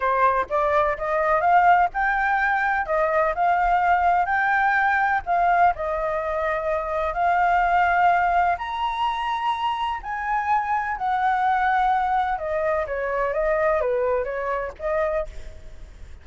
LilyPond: \new Staff \with { instrumentName = "flute" } { \time 4/4 \tempo 4 = 126 c''4 d''4 dis''4 f''4 | g''2 dis''4 f''4~ | f''4 g''2 f''4 | dis''2. f''4~ |
f''2 ais''2~ | ais''4 gis''2 fis''4~ | fis''2 dis''4 cis''4 | dis''4 b'4 cis''4 dis''4 | }